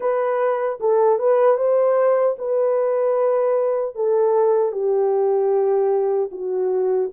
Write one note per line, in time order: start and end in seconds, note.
0.00 0.79 B4
0.79 1.18 A4
1.18 1.57 B4
1.57 2.36 C5
2.38 3.95 B4
3.95 4.72 A4
4.72 6.29 G4
6.31 7.10 F#4